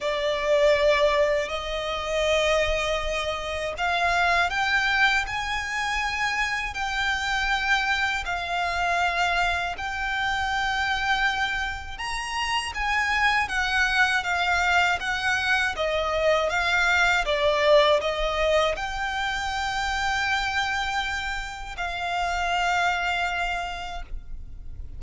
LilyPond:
\new Staff \with { instrumentName = "violin" } { \time 4/4 \tempo 4 = 80 d''2 dis''2~ | dis''4 f''4 g''4 gis''4~ | gis''4 g''2 f''4~ | f''4 g''2. |
ais''4 gis''4 fis''4 f''4 | fis''4 dis''4 f''4 d''4 | dis''4 g''2.~ | g''4 f''2. | }